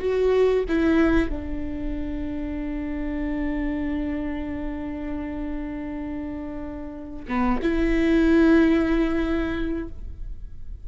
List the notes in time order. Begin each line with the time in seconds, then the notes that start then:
0.00 F#4
0.69 E4
1.30 D4
7.28 B3
7.62 E4